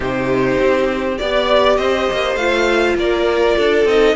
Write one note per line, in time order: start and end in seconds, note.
0.00 0.56 C3
0.00 1.17 D#4
0.00 1.19 G4
0.00 1.17 C5
0.59 1.18 C4
1.17 1.78 B3
1.17 2.39 G4
1.17 1.76 D5
1.17 1.78 D5
1.76 2.08 C4
1.76 2.96 C5
1.76 2.36 D#5
2.12 2.35 A#3
2.35 2.94 A3
2.35 3.88 F4
2.35 2.95 F5
2.95 3.54 A#3
2.95 3.56 A#4
2.95 3.87 D5
3.56 3.84 D4
3.56 4.15 A4
3.84 4.14 C4
3.84 4.16 D#4
3.84 4.16 D#5